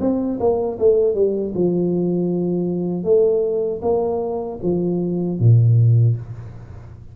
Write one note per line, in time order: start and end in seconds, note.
0.00 0.38 C4
0.40 0.78 A#3
0.79 1.14 A3
1.14 1.53 G3
1.55 3.03 F3
3.03 3.80 A3
3.82 4.59 A#3
4.63 5.39 F3
5.39 6.16 A#2